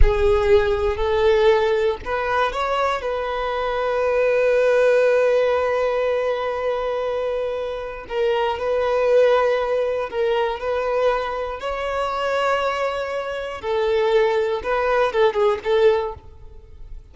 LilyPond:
\new Staff \with { instrumentName = "violin" } { \time 4/4 \tempo 4 = 119 gis'2 a'2 | b'4 cis''4 b'2~ | b'1~ | b'1 |
ais'4 b'2. | ais'4 b'2 cis''4~ | cis''2. a'4~ | a'4 b'4 a'8 gis'8 a'4 | }